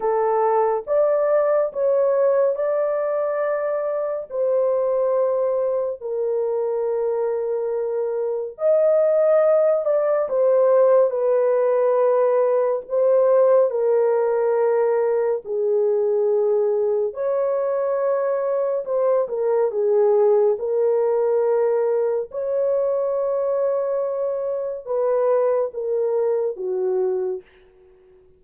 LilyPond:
\new Staff \with { instrumentName = "horn" } { \time 4/4 \tempo 4 = 70 a'4 d''4 cis''4 d''4~ | d''4 c''2 ais'4~ | ais'2 dis''4. d''8 | c''4 b'2 c''4 |
ais'2 gis'2 | cis''2 c''8 ais'8 gis'4 | ais'2 cis''2~ | cis''4 b'4 ais'4 fis'4 | }